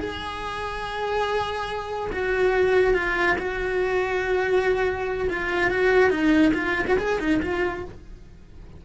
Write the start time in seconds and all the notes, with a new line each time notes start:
0.00 G#4
2.12 F#4
2.94 F4
3.39 F#4
5.30 F4
5.70 F#4
6.10 D#4
6.54 F4
6.87 F#4
6.99 G#4
7.19 D#4
7.42 F4